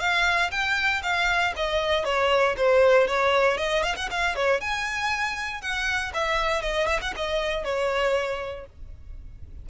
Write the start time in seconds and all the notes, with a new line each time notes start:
0.00 F5
0.51 G5
1.03 F5
1.56 D#5
2.05 C#5
2.57 C5
3.08 C#5
3.58 D#5
3.83 F5
3.96 F#5
4.11 F5
4.36 C#5
4.61 G#5
5.61 F#5
6.14 E5
6.62 D#5
6.87 E5
7.01 F#5
7.16 D#5
7.64 C#5